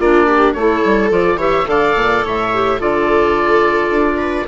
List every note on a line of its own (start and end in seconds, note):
0.00 0.54 A#3
0.00 0.58 D4
0.00 0.27 F4
0.00 0.54 D5
0.27 0.55 G4
0.54 0.82 A3
0.54 1.10 E4
0.54 1.38 A4
0.54 1.10 C#5
0.85 1.11 G3
1.10 1.37 F3
1.10 1.38 F4
1.10 1.40 D5
1.37 1.65 E3
1.37 1.66 G4
1.37 1.66 C#5
1.37 1.69 E5
1.66 1.96 D3
1.66 2.50 A4
1.66 2.25 D5
1.66 2.25 F5
1.96 2.24 A#2
2.25 2.81 A2
2.25 2.79 C#5
2.25 2.81 E5
2.54 2.80 G4
2.79 3.90 D3
2.79 4.48 F4
2.79 4.18 A4
2.79 4.48 D5
3.90 4.46 D4
4.18 4.46 B4